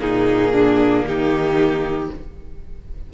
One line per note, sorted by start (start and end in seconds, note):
0.00 1.05 A#2
0.00 2.11 A#3
0.00 0.53 D#4
0.00 1.05 G#4
0.53 1.05 D4
1.05 2.10 D#3
1.05 2.14 D#4
1.05 2.12 G4